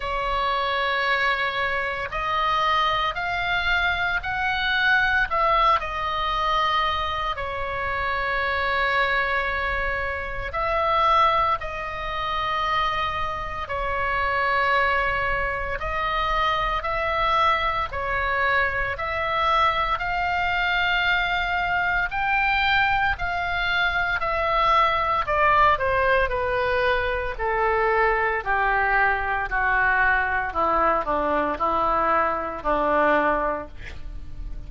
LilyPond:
\new Staff \with { instrumentName = "oboe" } { \time 4/4 \tempo 4 = 57 cis''2 dis''4 f''4 | fis''4 e''8 dis''4. cis''4~ | cis''2 e''4 dis''4~ | dis''4 cis''2 dis''4 |
e''4 cis''4 e''4 f''4~ | f''4 g''4 f''4 e''4 | d''8 c''8 b'4 a'4 g'4 | fis'4 e'8 d'8 e'4 d'4 | }